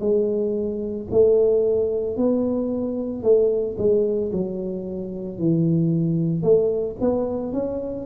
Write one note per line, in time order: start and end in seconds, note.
0.00 1.07 G#3
1.11 2.17 A3
2.17 3.23 B3
3.23 3.76 A3
3.78 4.31 G#3
4.32 5.39 F#3
5.39 6.42 E3
6.42 6.96 A3
7.00 7.53 B3
7.53 8.06 C#4